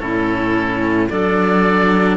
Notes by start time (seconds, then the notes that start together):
0.00 A2 C#4 E4 A4
1.10 F#3 D4 A4 D5